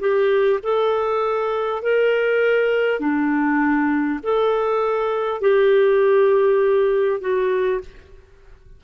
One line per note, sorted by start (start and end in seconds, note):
0.00 0.60 G4
0.63 1.82 A4
1.82 3.00 A#4
3.00 4.20 D4
4.23 5.41 A4
5.41 7.21 G4
7.21 7.81 F#4